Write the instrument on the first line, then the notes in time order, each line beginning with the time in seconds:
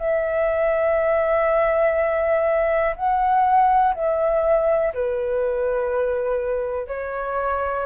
flute
0.00 E5
2.96 F#5
3.95 E5
4.94 B4
6.88 C#5